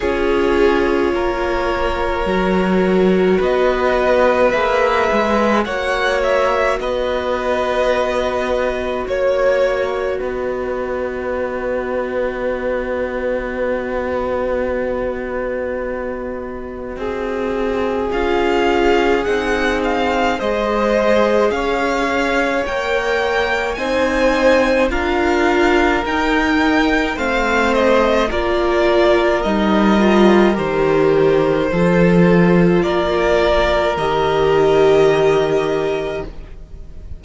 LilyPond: <<
  \new Staff \with { instrumentName = "violin" } { \time 4/4 \tempo 4 = 53 cis''2. dis''4 | e''4 fis''8 e''8 dis''2 | cis''4 dis''2.~ | dis''1 |
f''4 fis''8 f''8 dis''4 f''4 | g''4 gis''4 f''4 g''4 | f''8 dis''8 d''4 dis''4 c''4~ | c''4 d''4 dis''2 | }
  \new Staff \with { instrumentName = "violin" } { \time 4/4 gis'4 ais'2 b'4~ | b'4 cis''4 b'2 | cis''4 b'2.~ | b'2. gis'4~ |
gis'2 c''4 cis''4~ | cis''4 c''4 ais'2 | c''4 ais'2. | a'4 ais'2. | }
  \new Staff \with { instrumentName = "viola" } { \time 4/4 f'2 fis'2 | gis'4 fis'2.~ | fis'1~ | fis'1 |
f'4 dis'4 gis'2 | ais'4 dis'4 f'4 dis'4 | c'4 f'4 dis'8 f'8 g'4 | f'2 g'2 | }
  \new Staff \with { instrumentName = "cello" } { \time 4/4 cis'4 ais4 fis4 b4 | ais8 gis8 ais4 b2 | ais4 b2.~ | b2. c'4 |
cis'4 c'4 gis4 cis'4 | ais4 c'4 d'4 dis'4 | a4 ais4 g4 dis4 | f4 ais4 dis2 | }
>>